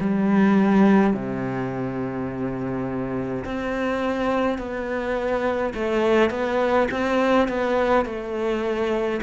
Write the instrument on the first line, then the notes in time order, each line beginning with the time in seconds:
cello
0.00 G3
1.13 C3
3.45 C4
4.58 B3
5.74 A3
6.30 B3
6.91 C4
7.48 B3
8.05 A3